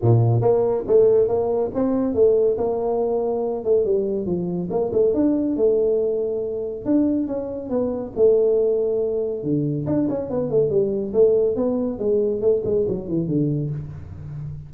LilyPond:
\new Staff \with { instrumentName = "tuba" } { \time 4/4 \tempo 4 = 140 ais,4 ais4 a4 ais4 | c'4 a4 ais2~ | ais8 a8 g4 f4 ais8 a8 | d'4 a2. |
d'4 cis'4 b4 a4~ | a2 d4 d'8 cis'8 | b8 a8 g4 a4 b4 | gis4 a8 gis8 fis8 e8 d4 | }